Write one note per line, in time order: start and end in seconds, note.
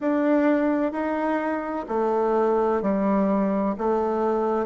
0.00 0.92 D4
0.92 1.85 D#4
1.88 2.82 A3
2.82 3.75 G3
3.78 4.66 A3